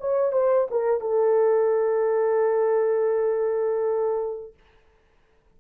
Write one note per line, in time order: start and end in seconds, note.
0.00 0.32 C#5
0.32 0.68 C5
0.71 1.01 A#4
1.01 4.54 A4